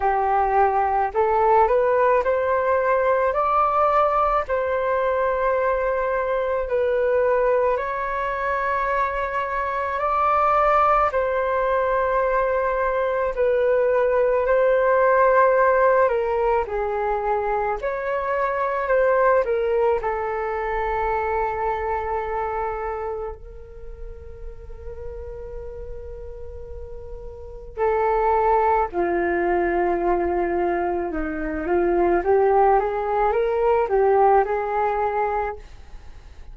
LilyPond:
\new Staff \with { instrumentName = "flute" } { \time 4/4 \tempo 4 = 54 g'4 a'8 b'8 c''4 d''4 | c''2 b'4 cis''4~ | cis''4 d''4 c''2 | b'4 c''4. ais'8 gis'4 |
cis''4 c''8 ais'8 a'2~ | a'4 ais'2.~ | ais'4 a'4 f'2 | dis'8 f'8 g'8 gis'8 ais'8 g'8 gis'4 | }